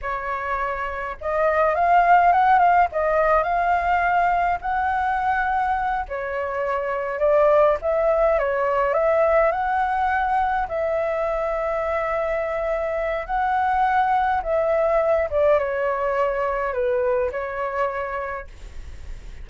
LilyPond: \new Staff \with { instrumentName = "flute" } { \time 4/4 \tempo 4 = 104 cis''2 dis''4 f''4 | fis''8 f''8 dis''4 f''2 | fis''2~ fis''8 cis''4.~ | cis''8 d''4 e''4 cis''4 e''8~ |
e''8 fis''2 e''4.~ | e''2. fis''4~ | fis''4 e''4. d''8 cis''4~ | cis''4 b'4 cis''2 | }